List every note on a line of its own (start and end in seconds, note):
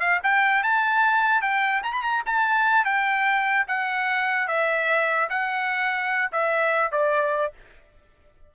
0.00 0.20 F5
0.23 0.63 G5
0.63 1.42 A5
1.42 1.82 G5
1.83 1.93 A#5
1.93 2.03 B5
2.03 2.23 A#5
2.26 2.85 A5
2.85 3.66 G5
3.68 4.48 F#5
4.48 5.29 E5
5.30 6.31 F#5
6.32 6.92 E5
6.92 7.53 D5